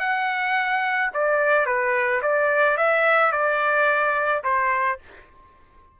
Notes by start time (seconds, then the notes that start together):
0.00 F#5
1.14 D5
1.66 B4
2.22 D5
2.77 E5
3.32 D5
4.44 C5